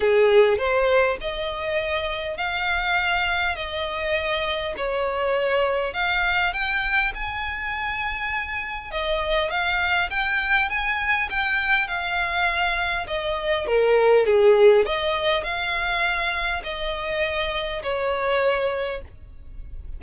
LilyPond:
\new Staff \with { instrumentName = "violin" } { \time 4/4 \tempo 4 = 101 gis'4 c''4 dis''2 | f''2 dis''2 | cis''2 f''4 g''4 | gis''2. dis''4 |
f''4 g''4 gis''4 g''4 | f''2 dis''4 ais'4 | gis'4 dis''4 f''2 | dis''2 cis''2 | }